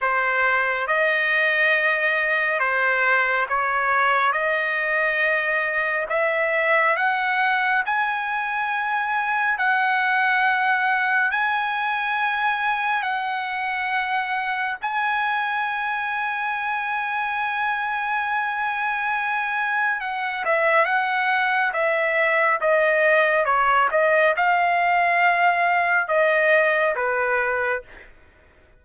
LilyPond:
\new Staff \with { instrumentName = "trumpet" } { \time 4/4 \tempo 4 = 69 c''4 dis''2 c''4 | cis''4 dis''2 e''4 | fis''4 gis''2 fis''4~ | fis''4 gis''2 fis''4~ |
fis''4 gis''2.~ | gis''2. fis''8 e''8 | fis''4 e''4 dis''4 cis''8 dis''8 | f''2 dis''4 b'4 | }